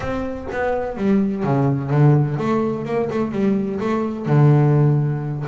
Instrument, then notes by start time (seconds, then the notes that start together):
double bass
0.00 C4
0.52 B3
0.96 G3
1.43 C#3
1.90 D3
2.37 A3
2.85 A#3
3.10 A3
3.31 G3
3.80 A3
4.26 D3